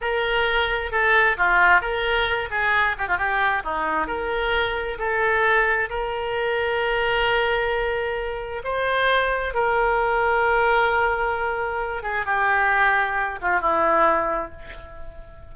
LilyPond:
\new Staff \with { instrumentName = "oboe" } { \time 4/4 \tempo 4 = 132 ais'2 a'4 f'4 | ais'4. gis'4 g'16 f'16 g'4 | dis'4 ais'2 a'4~ | a'4 ais'2.~ |
ais'2. c''4~ | c''4 ais'2.~ | ais'2~ ais'8 gis'8 g'4~ | g'4. f'8 e'2 | }